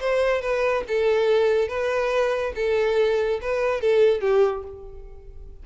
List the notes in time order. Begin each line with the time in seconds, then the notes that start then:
0.00 C5
0.42 B4
0.88 A4
1.68 B4
2.56 A4
3.41 B4
3.81 A4
4.21 G4